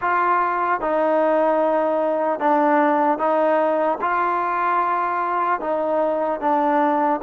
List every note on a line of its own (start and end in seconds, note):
0.01 0.80 F4
0.80 2.39 D#4
2.39 3.18 D4
3.18 3.98 D#4
4.01 5.60 F4
5.60 6.40 D#4
6.40 7.20 D4